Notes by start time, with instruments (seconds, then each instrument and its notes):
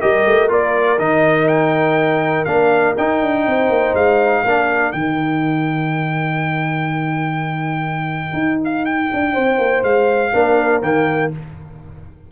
0.00 tuba G3, trombone G4, horn A#4, trumpet D#5
0.27 tuba A3
0.49 tuba A#3, trombone F4, trumpet D5
0.99 tuba D#3, trombone D#4, trumpet D#5
1.48 trumpet G5
2.45 tuba A#3, trombone D4, trumpet F5
2.98 tuba D#4, trombone D#4, trumpet G5
3.22 tuba D4
3.47 tuba C4, horn C5
3.70 tuba A#3
3.94 tuba G#3, trumpet F5
4.45 tuba A#3, trombone D4, horn A#4
4.92 tuba D#3, trombone D#4, trumpet G5
8.34 tuba D#4
8.65 trumpet F5
8.86 trumpet G5
9.13 tuba D4
9.33 tuba C4, horn C5
9.59 tuba A#3
9.84 tuba G#3, trumpet F5
10.33 tuba A#3, trombone D4, horn A#4
10.82 tuba D#3, trombone A#3, trumpet G5